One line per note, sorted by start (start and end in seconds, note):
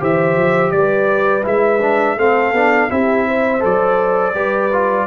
0.00 0.36 E3
0.00 1.43 G4
0.00 0.73 C5
0.00 0.71 E5
0.36 0.72 F3
0.71 1.44 G3
0.71 2.19 B4
0.71 1.44 D5
1.43 2.17 G#3
1.43 1.79 E4
1.43 2.19 E5
1.81 2.18 D4
2.17 2.53 A3
2.17 2.54 C4
2.17 2.91 A4
2.17 2.91 F5
2.53 2.89 B3
2.53 2.90 D4
2.90 3.63 C4
2.90 3.60 E4
2.90 3.27 G4
2.90 3.63 E5
3.27 4.34 C5
3.60 4.34 F#3
3.60 4.32 A4
3.60 5.07 D5
4.34 5.07 G3
4.34 4.71 G4
4.34 5.07 B4
4.73 5.07 F4